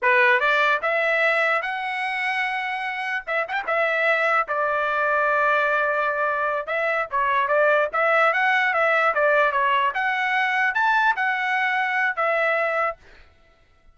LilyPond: \new Staff \with { instrumentName = "trumpet" } { \time 4/4 \tempo 4 = 148 b'4 d''4 e''2 | fis''1 | e''8 fis''16 g''16 e''2 d''4~ | d''1~ |
d''8 e''4 cis''4 d''4 e''8~ | e''8 fis''4 e''4 d''4 cis''8~ | cis''8 fis''2 a''4 fis''8~ | fis''2 e''2 | }